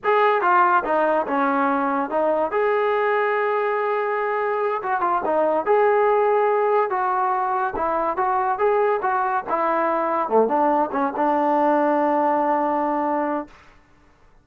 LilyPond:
\new Staff \with { instrumentName = "trombone" } { \time 4/4 \tempo 4 = 143 gis'4 f'4 dis'4 cis'4~ | cis'4 dis'4 gis'2~ | gis'2.~ gis'8 fis'8 | f'8 dis'4 gis'2~ gis'8~ |
gis'8 fis'2 e'4 fis'8~ | fis'8 gis'4 fis'4 e'4.~ | e'8 a8 d'4 cis'8 d'4.~ | d'1 | }